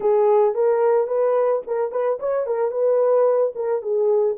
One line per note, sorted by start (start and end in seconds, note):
0.00 0.54 G#4
0.54 1.07 A#4
1.07 1.61 B4
1.66 1.91 A#4
1.91 2.18 B4
2.19 2.46 C#5
2.46 2.71 A#4
2.71 3.53 B4
3.55 3.82 A#4
3.82 4.36 G#4